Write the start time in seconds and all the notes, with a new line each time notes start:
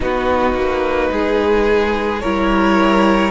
0.00 B3 D#4 F#4 B4
0.53 A#3
1.11 G#3 G#4
2.20 G3 E4 A#4 C#5